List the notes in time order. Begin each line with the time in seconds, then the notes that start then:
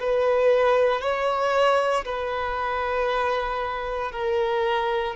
0.00 B4
1.02 C#5
2.05 B4
4.12 A#4